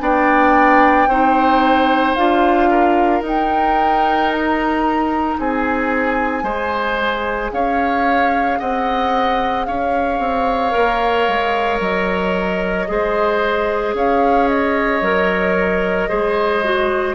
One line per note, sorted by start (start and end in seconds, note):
0.00 1.07 B3
0.00 1.07 D4
0.00 1.09 D5
0.00 2.15 G5
1.07 2.14 C4
1.07 2.17 D#4
1.07 2.70 C5
2.15 3.21 D4
2.15 3.23 F4
2.15 3.22 F5
2.70 5.38 A#4
3.21 5.36 D#4
3.21 6.43 D#4
3.27 4.32 G5
4.32 5.39 A#5
5.39 6.43 C4
5.39 6.44 G#4
5.39 7.53 G#5
6.43 7.50 G#3
6.43 10.71 G#4
6.43 7.51 C5
7.52 8.59 C#4
7.52 8.59 C#5
7.52 8.60 F5
8.59 9.68 C4
8.59 9.66 D#5
8.59 9.65 F#5
9.65 10.19 C#4
9.65 12.88 C#5
9.65 11.79 F5
10.19 10.73 C4
10.71 11.28 A#3
10.71 12.85 A#4
11.28 11.80 G#3
11.80 12.87 F#3
11.80 13.95 D#5
12.88 13.94 G#3
12.88 15.02 G#4
12.88 13.96 C5
13.94 15.01 C#4
13.94 16.09 C#5
13.94 14.48 F5
14.48 17.15 D#5
15.01 16.08 F#3
15.01 16.09 A#4
16.09 17.15 G#3
16.09 16.63 G#4
16.09 17.15 C5
16.64 17.15 F#4